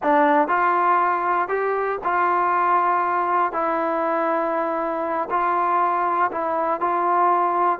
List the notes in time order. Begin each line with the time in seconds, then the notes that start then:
0.02 D4
0.48 F4
1.48 G4
2.04 F4
3.52 E4
5.30 F4
6.31 E4
6.80 F4